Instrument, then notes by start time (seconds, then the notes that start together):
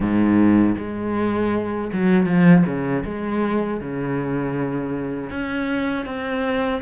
cello
0.00 G#2
0.77 G#3
1.92 F#3
2.26 F3
2.66 C#3
3.04 G#3
3.80 C#3
5.30 C#4
6.05 C4